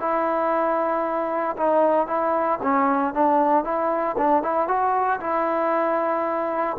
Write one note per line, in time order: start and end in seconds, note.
0.00 1.57 E4
1.57 2.07 D#4
2.07 2.59 E4
2.63 3.14 C#4
3.14 3.65 D4
3.65 4.17 E4
4.18 4.43 D4
4.43 4.68 E4
4.68 5.20 F#4
5.21 6.77 E4